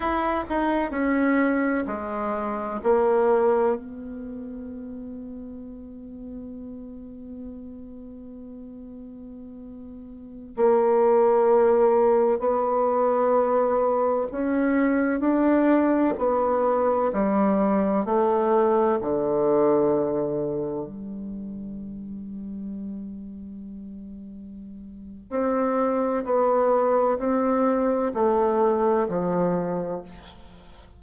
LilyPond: \new Staff \with { instrumentName = "bassoon" } { \time 4/4 \tempo 4 = 64 e'8 dis'8 cis'4 gis4 ais4 | b1~ | b2.~ b16 ais8.~ | ais4~ ais16 b2 cis'8.~ |
cis'16 d'4 b4 g4 a8.~ | a16 d2 g4.~ g16~ | g2. c'4 | b4 c'4 a4 f4 | }